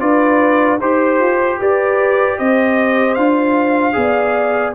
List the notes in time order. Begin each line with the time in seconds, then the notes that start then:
0.00 D4 F4 B4 D5
0.79 D#4 G4 C5
1.19 F4
1.59 G4 B4 D5
2.38 C4 C5 D#5
3.14 D4 F4 F5
3.93 B3 G#4 D5